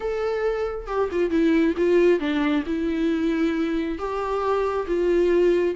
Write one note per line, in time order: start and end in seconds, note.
0.00 0.87 A4
0.87 1.09 G4
1.11 1.30 F4
1.30 1.74 E4
1.77 2.19 F4
2.19 2.63 D4
2.66 3.98 E4
3.98 4.86 G4
4.87 5.75 F4